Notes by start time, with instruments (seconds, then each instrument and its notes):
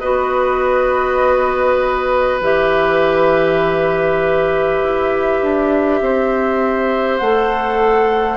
0.00 bassoon B3, clarinet F#4, oboe B4, flute D#5
2.41 bassoon E3, clarinet G4, flute E5
4.83 bassoon E4
5.43 bassoon D4
6.01 bassoon C4, oboe C5
7.19 bassoon A3, clarinet A4, flute F#5